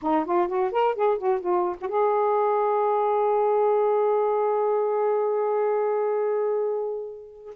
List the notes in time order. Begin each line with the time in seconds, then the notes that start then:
0.02 D#4
0.25 F4
0.47 F#4
0.71 A#4
0.95 G#4
1.18 F#4
1.40 F4
1.80 F#4
1.88 G#4